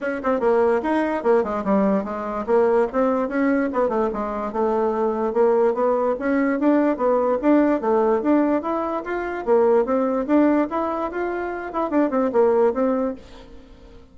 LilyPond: \new Staff \with { instrumentName = "bassoon" } { \time 4/4 \tempo 4 = 146 cis'8 c'8 ais4 dis'4 ais8 gis8 | g4 gis4 ais4 c'4 | cis'4 b8 a8 gis4 a4~ | a4 ais4 b4 cis'4 |
d'4 b4 d'4 a4 | d'4 e'4 f'4 ais4 | c'4 d'4 e'4 f'4~ | f'8 e'8 d'8 c'8 ais4 c'4 | }